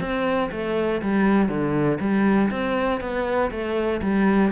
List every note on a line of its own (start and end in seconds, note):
0.00 0.50 C4
0.51 1.01 A3
1.02 1.49 G3
1.49 1.99 D3
2.00 2.50 G3
2.51 3.01 C4
3.01 3.51 B3
3.51 4.01 A3
4.02 4.52 G3